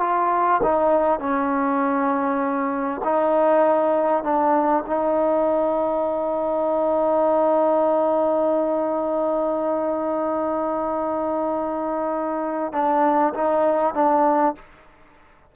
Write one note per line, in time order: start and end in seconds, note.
0.00 0.61 F4
0.63 1.19 D#4
1.19 3.01 C#4
3.04 4.23 D#4
4.23 4.83 D4
4.86 12.72 D#4
12.72 13.33 D4
13.34 13.94 D#4
13.94 14.55 D4